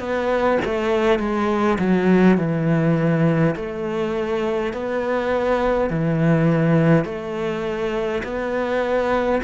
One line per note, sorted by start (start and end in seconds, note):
0.00 0.59 B3
0.65 1.20 A3
1.20 1.79 G#3
1.79 2.38 F#3
2.38 3.56 E3
3.56 4.73 A3
4.73 5.90 B3
5.90 7.05 E3
7.05 8.23 A3
8.24 9.42 B3